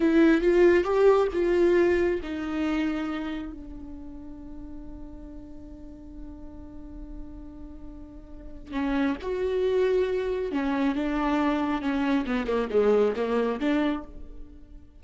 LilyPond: \new Staff \with { instrumentName = "viola" } { \time 4/4 \tempo 4 = 137 e'4 f'4 g'4 f'4~ | f'4 dis'2. | d'1~ | d'1~ |
d'1 | cis'4 fis'2. | cis'4 d'2 cis'4 | b8 ais8 gis4 ais4 d'4 | }